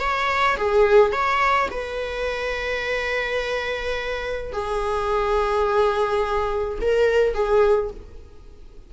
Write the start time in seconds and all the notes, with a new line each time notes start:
0.00 C#5
0.57 G#4
1.12 C#5
1.71 B4
4.53 G#4
6.82 A#4
7.34 G#4